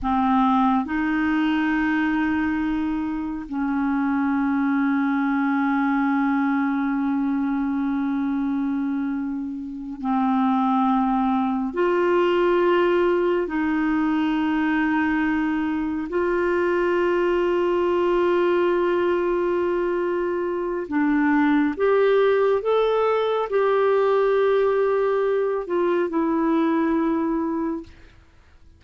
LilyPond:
\new Staff \with { instrumentName = "clarinet" } { \time 4/4 \tempo 4 = 69 c'4 dis'2. | cis'1~ | cis'2.~ cis'8 c'8~ | c'4. f'2 dis'8~ |
dis'2~ dis'8 f'4.~ | f'1 | d'4 g'4 a'4 g'4~ | g'4. f'8 e'2 | }